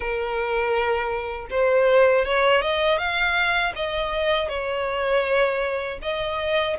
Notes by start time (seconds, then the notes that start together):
0.00 A#4
1.50 C5
2.25 C#5
2.61 D#5
2.98 F5
3.75 D#5
4.49 C#5
6.01 D#5